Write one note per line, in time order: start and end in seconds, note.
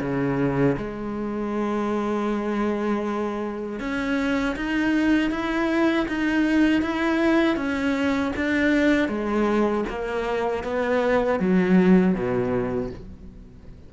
0.00 0.76 C#3
0.77 3.79 G#3
3.79 4.55 C#4
4.56 5.31 D#4
5.31 6.07 E4
6.08 6.82 D#4
6.82 7.56 E4
7.56 8.32 C#4
8.36 9.08 D4
9.08 9.84 G#3
9.89 10.63 A#3
10.63 11.39 B3
11.39 12.14 F#3
12.14 12.90 B2